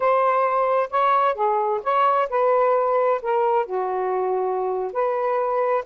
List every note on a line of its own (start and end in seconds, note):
0.00 0.90 C5
0.90 1.34 C#5
1.34 1.80 G#4
1.83 2.28 C#5
2.29 3.21 B4
3.22 3.66 A#4
3.66 4.92 F#4
4.92 5.84 B4